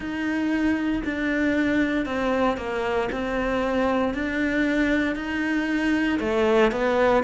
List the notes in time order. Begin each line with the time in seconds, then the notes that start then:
0.00 D#4
1.04 D4
2.05 C4
2.57 A#3
3.12 C4
4.14 D4
5.15 D#4
6.19 A3
6.71 B3